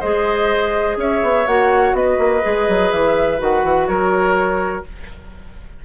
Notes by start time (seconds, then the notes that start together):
0.00 G#3 G#4 C5 D#5
0.97 C#4 C#5 E5
1.23 B3
1.47 A#3 F#4 F#5
1.93 B3 B4 D#5
2.19 A#3
2.42 G#3 G#4
2.68 F#3
2.92 E3 E5
3.39 D#3 F#4 F#5
3.64 E3
3.88 F#3 A#4 C#5